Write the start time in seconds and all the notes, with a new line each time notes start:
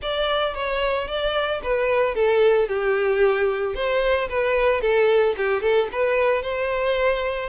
0.02 D5
0.54 C#5
1.07 D5
1.62 B4
2.14 A4
2.68 G4
3.75 C5
4.29 B4
4.81 A4
5.37 G4
5.61 A4
5.91 B4
6.42 C5